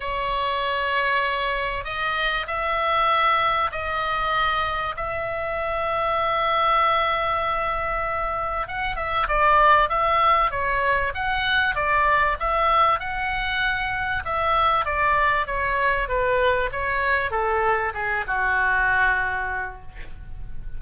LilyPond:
\new Staff \with { instrumentName = "oboe" } { \time 4/4 \tempo 4 = 97 cis''2. dis''4 | e''2 dis''2 | e''1~ | e''2 fis''8 e''8 d''4 |
e''4 cis''4 fis''4 d''4 | e''4 fis''2 e''4 | d''4 cis''4 b'4 cis''4 | a'4 gis'8 fis'2~ fis'8 | }